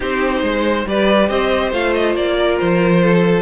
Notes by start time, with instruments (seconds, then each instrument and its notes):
0.00 cello C4, viola D#4, violin G4 C5
0.42 cello G#3, violin C5
0.86 cello G3, viola G4, violin B4 D5
1.29 cello C4, violin C5 D#5
1.71 cello A3, viola F4, violin F5
1.93 violin D#5
2.15 cello A#3, violin D5
2.38 violin A#4
2.58 cello F3, violin C5
3.03 violin A4